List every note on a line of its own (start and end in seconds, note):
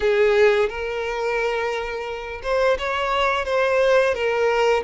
0.00 0.69 G#4
0.69 2.41 A#4
2.43 2.77 C5
2.78 3.45 C#5
3.45 4.14 C5
4.14 4.83 A#4